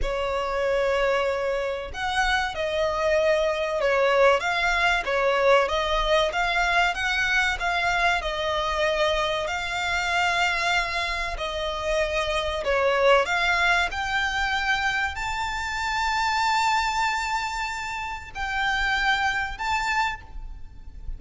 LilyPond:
\new Staff \with { instrumentName = "violin" } { \time 4/4 \tempo 4 = 95 cis''2. fis''4 | dis''2 cis''4 f''4 | cis''4 dis''4 f''4 fis''4 | f''4 dis''2 f''4~ |
f''2 dis''2 | cis''4 f''4 g''2 | a''1~ | a''4 g''2 a''4 | }